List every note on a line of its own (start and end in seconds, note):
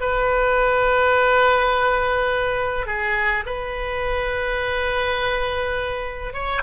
0.00 2.86 B4
2.86 3.44 G#4
3.46 6.33 B4
6.33 6.62 C#5